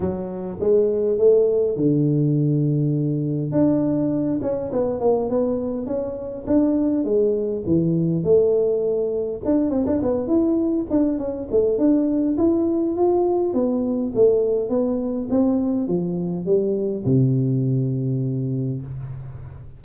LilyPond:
\new Staff \with { instrumentName = "tuba" } { \time 4/4 \tempo 4 = 102 fis4 gis4 a4 d4~ | d2 d'4. cis'8 | b8 ais8 b4 cis'4 d'4 | gis4 e4 a2 |
d'8 c'16 d'16 b8 e'4 d'8 cis'8 a8 | d'4 e'4 f'4 b4 | a4 b4 c'4 f4 | g4 c2. | }